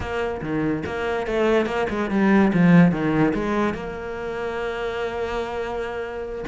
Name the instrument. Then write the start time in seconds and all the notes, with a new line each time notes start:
cello
0.00 A#3
0.41 D#3
0.86 A#3
1.26 A3
1.66 A#3
1.89 G#3
2.10 G3
2.53 F3
2.91 D#3
3.34 G#3
3.74 A#3